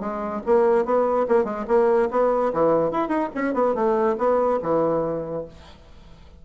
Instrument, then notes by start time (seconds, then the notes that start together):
bassoon
0.00 G#3
0.46 A#3
0.85 B3
1.29 A#3
1.45 G#3
1.68 A#3
2.11 B3
2.54 E3
2.92 E4
3.09 D#4
3.35 C#4
3.54 B3
3.75 A3
4.18 B3
4.63 E3